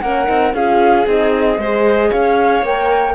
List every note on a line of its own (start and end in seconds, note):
0.00 0.27 A#3
0.00 0.25 C#4
0.00 0.54 A#4
0.00 0.53 F#5
0.25 0.53 C4
0.25 0.52 D#4
0.53 1.06 C#4
0.53 1.06 F4
0.53 1.60 G#4
0.53 1.06 F5
1.06 1.58 C4
1.06 1.58 D#4
1.06 2.12 D#5
1.58 2.10 G#3
1.58 2.64 G#4
1.58 2.09 C5
2.09 2.62 C#4
2.09 3.14 C#5
2.09 2.64 F5
2.62 3.14 A#3
2.62 3.15 A#4
2.62 3.15 G5